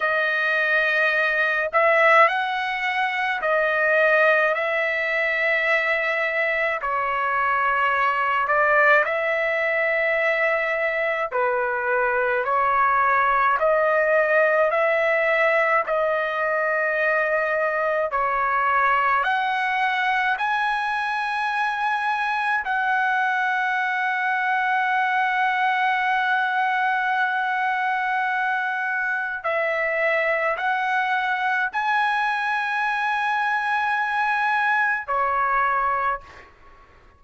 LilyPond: \new Staff \with { instrumentName = "trumpet" } { \time 4/4 \tempo 4 = 53 dis''4. e''8 fis''4 dis''4 | e''2 cis''4. d''8 | e''2 b'4 cis''4 | dis''4 e''4 dis''2 |
cis''4 fis''4 gis''2 | fis''1~ | fis''2 e''4 fis''4 | gis''2. cis''4 | }